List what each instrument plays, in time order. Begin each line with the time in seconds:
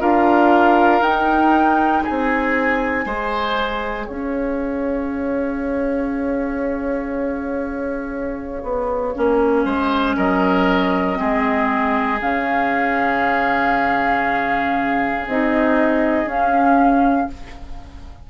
0.00 bassoon D4, clarinet F4, oboe A#4, flute F5
1.01 bassoon D#4, clarinet D#4, flute G5
2.04 oboe G#4, flute G#5
2.10 bassoon C4
3.06 bassoon G#3, clarinet G#4, oboe C5
4.07 bassoon C#4, oboe C#5, flute F5
8.63 bassoon B3
9.16 bassoon A#3, clarinet C#4
9.65 bassoon G#3, oboe C5
10.17 bassoon F#3, oboe A#4, flute D#5
11.16 bassoon G#3, clarinet C4, oboe G#4
12.22 bassoon C#3, clarinet C#4, flute F5
15.27 bassoon C4, clarinet D#4, flute D#5
16.25 bassoon C#4, clarinet C#4, flute F5